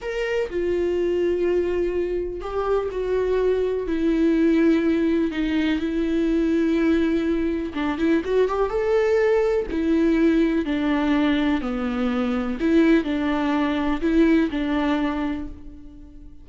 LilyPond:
\new Staff \with { instrumentName = "viola" } { \time 4/4 \tempo 4 = 124 ais'4 f'2.~ | f'4 g'4 fis'2 | e'2. dis'4 | e'1 |
d'8 e'8 fis'8 g'8 a'2 | e'2 d'2 | b2 e'4 d'4~ | d'4 e'4 d'2 | }